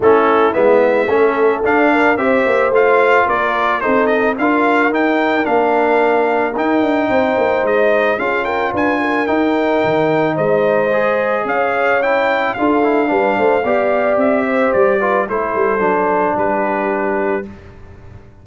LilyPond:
<<
  \new Staff \with { instrumentName = "trumpet" } { \time 4/4 \tempo 4 = 110 a'4 e''2 f''4 | e''4 f''4 d''4 c''8 dis''8 | f''4 g''4 f''2 | g''2 dis''4 f''8 g''8 |
gis''4 g''2 dis''4~ | dis''4 f''4 g''4 f''4~ | f''2 e''4 d''4 | c''2 b'2 | }
  \new Staff \with { instrumentName = "horn" } { \time 4/4 e'2 a'4. ais'8 | c''2 ais'4 a'4 | ais'1~ | ais'4 c''2 gis'8 ais'8 |
b'8 ais'2~ ais'8 c''4~ | c''4 cis''2 a'4 | b'8 c''8 d''4. c''4 b'8 | a'2 g'2 | }
  \new Staff \with { instrumentName = "trombone" } { \time 4/4 cis'4 b4 cis'4 d'4 | g'4 f'2 dis'4 | f'4 dis'4 d'2 | dis'2. f'4~ |
f'4 dis'2. | gis'2 e'4 f'8 e'8 | d'4 g'2~ g'8 f'8 | e'4 d'2. | }
  \new Staff \with { instrumentName = "tuba" } { \time 4/4 a4 gis4 a4 d'4 | c'8 ais8 a4 ais4 c'4 | d'4 dis'4 ais2 | dis'8 d'8 c'8 ais8 gis4 cis'4 |
d'4 dis'4 dis4 gis4~ | gis4 cis'2 d'4 | g8 a8 b4 c'4 g4 | a8 g8 fis4 g2 | }
>>